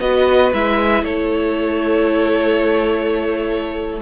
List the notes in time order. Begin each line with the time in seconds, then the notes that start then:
0.00 B3 F#4 B4 D#5
0.53 G#3 E4 E5
1.02 A3 A4 C#5